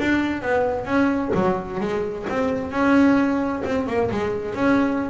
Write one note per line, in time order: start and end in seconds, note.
0.00 0.42 D4
0.42 0.86 B3
0.86 1.31 C#4
1.35 1.80 F#3
1.80 2.26 G#3
2.29 2.72 C4
2.72 3.63 C#4
3.65 3.87 C4
3.87 4.10 A#3
4.11 4.55 G#3
4.55 5.10 C#4